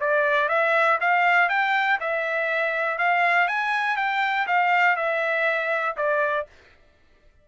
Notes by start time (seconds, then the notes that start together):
0.00 D5
0.49 E5
1.00 F5
1.49 G5
2.00 E5
2.98 F5
3.47 G#5
3.97 G5
4.47 F5
4.96 E5
5.97 D5